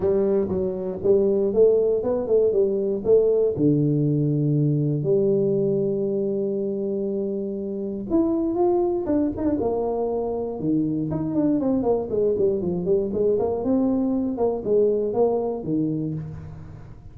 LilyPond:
\new Staff \with { instrumentName = "tuba" } { \time 4/4 \tempo 4 = 119 g4 fis4 g4 a4 | b8 a8 g4 a4 d4~ | d2 g2~ | g1 |
e'4 f'4 d'8 dis'16 d'16 ais4~ | ais4 dis4 dis'8 d'8 c'8 ais8 | gis8 g8 f8 g8 gis8 ais8 c'4~ | c'8 ais8 gis4 ais4 dis4 | }